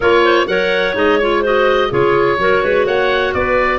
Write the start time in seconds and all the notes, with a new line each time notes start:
0.00 A#3 F4 A#4 C#5
0.23 C5
0.47 F#3 A#4 C#5 F#5
0.94 G#3 D#4 D#5
1.18 F4 C#5
1.41 F#4 C5 D#5
1.90 C#3 F4 G#4 C#5
2.37 F#3 F#4 A#4
2.63 G#3 B4
2.86 A#3 C#5 F#5
3.34 B3 B4 D5